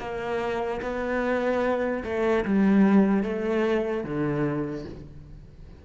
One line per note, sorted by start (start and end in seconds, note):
0.00 0.81 A#3
0.82 2.04 B3
2.05 2.45 A3
2.45 3.24 G3
3.24 4.04 A3
4.04 4.85 D3